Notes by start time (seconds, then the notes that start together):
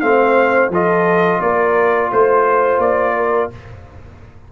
0.00 A3 C4 C5 F5
0.69 F3 F4 A4 D#5
1.40 A#3 A#4 D5
2.11 A3 C5
2.79 A#3 D5
3.16 A#4